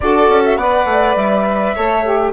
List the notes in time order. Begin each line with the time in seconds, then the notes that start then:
0.00 D4 F#4 A4 D5
0.28 C#4
0.45 E5
0.56 B3 B4 D5 F#5
0.85 A3
1.15 G3 E5
1.75 A3 A4 C#5
2.03 G4